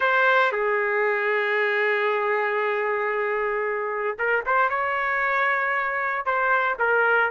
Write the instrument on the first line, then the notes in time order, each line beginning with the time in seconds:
trumpet
0.00 C5
0.52 G#4
4.18 A#4
4.46 C5
4.69 C#5
6.25 C5
6.78 A#4